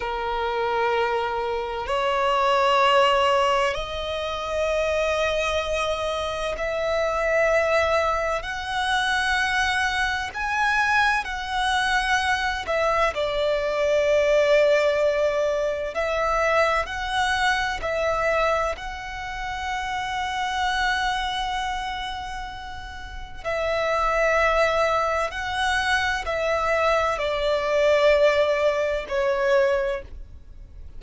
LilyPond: \new Staff \with { instrumentName = "violin" } { \time 4/4 \tempo 4 = 64 ais'2 cis''2 | dis''2. e''4~ | e''4 fis''2 gis''4 | fis''4. e''8 d''2~ |
d''4 e''4 fis''4 e''4 | fis''1~ | fis''4 e''2 fis''4 | e''4 d''2 cis''4 | }